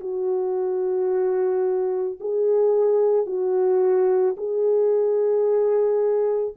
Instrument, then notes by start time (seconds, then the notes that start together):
horn
0.00 F#4
2.20 G#4
3.26 F#4
4.37 G#4